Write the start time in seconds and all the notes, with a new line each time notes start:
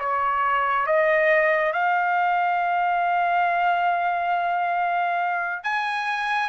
0.00 C#5
0.87 D#5
1.73 F5
5.64 G#5